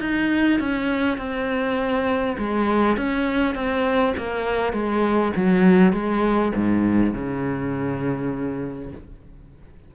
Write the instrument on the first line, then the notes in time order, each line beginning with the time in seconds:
cello
0.00 D#4
0.60 C#4
1.17 C4
2.38 G#3
2.97 C#4
3.55 C4
4.17 A#3
4.73 G#3
5.36 F#3
5.93 G#3
6.55 G#2
7.14 C#3